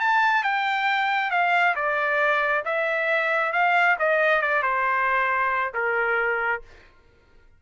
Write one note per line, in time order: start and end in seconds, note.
0.00 0.44 A5
0.44 1.31 G5
1.31 1.75 F5
1.76 2.64 D5
2.65 3.53 E5
3.53 3.97 F5
3.99 4.42 D#5
4.42 4.63 D5
4.63 5.73 C5
5.74 6.62 A#4